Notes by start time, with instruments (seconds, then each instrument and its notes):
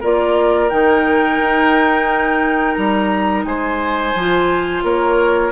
0.00 bassoon A#3, clarinet F4, oboe A#4, flute D5
0.70 bassoon D#3, clarinet D#4, flute G5
1.39 bassoon D#4
2.74 bassoon G3, flute A#5
3.45 bassoon G#3, oboe C5, flute G#5
4.15 bassoon F3, clarinet F4
4.83 bassoon A#3, oboe A#4, flute C#5